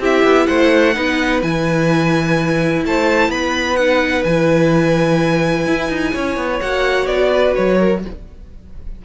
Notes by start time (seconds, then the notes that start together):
0.00 C4 E4 G4 E5
0.24 B3
0.47 A3 C5 F#5
0.94 B3 D#4 B4
1.43 E3 E4 G#5
2.85 A3 C5 A5
3.29 B3 B4 B5
3.77 D#4 F#5
4.24 E3 E4 G#5
5.67 E4
5.90 D#4
6.13 C#4 C#5
6.37 B3
6.61 A#3 F#4 F#5
7.07 B3 D5
7.33 B4
7.55 F#3 C#5
7.79 A#4